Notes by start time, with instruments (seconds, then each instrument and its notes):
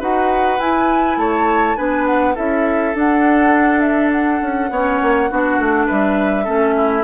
0.00 bassoon D#4, clarinet F#4, oboe B4, flute F#5
0.59 bassoon E4, clarinet E4, flute G#5
1.17 bassoon A3, oboe C#5, flute A5
1.76 bassoon B3, clarinet D4, oboe B4, flute G#5
2.06 flute F#5
2.35 bassoon C#4, clarinet E4, oboe A4, flute E5
2.94 clarinet D4, bassoon D4, flute F#5
3.80 flute E5
4.12 flute F#5
4.42 bassoon C#4
4.70 bassoon B3, clarinet C#4, oboe C#5
5.02 bassoon A#3
5.30 bassoon B3, clarinet D4, oboe F#4
5.58 bassoon A3
5.86 bassoon G3, oboe B4, flute E5
6.44 bassoon A3, clarinet C#4, oboe A4
6.77 oboe E4